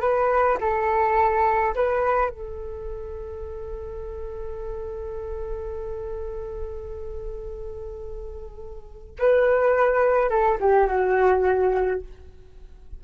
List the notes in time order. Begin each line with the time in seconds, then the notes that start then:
0.00 B4
0.60 A4
1.75 B4
2.30 A4
9.19 B4
10.29 A4
10.60 G4
10.86 F#4